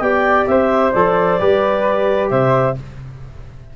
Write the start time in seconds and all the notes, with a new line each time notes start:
0.00 B3 G4 D5 G5
0.47 C4 C5 E5
0.92 F3 A4 D5
1.40 G3 G4 B4
2.30 C3 C5 E5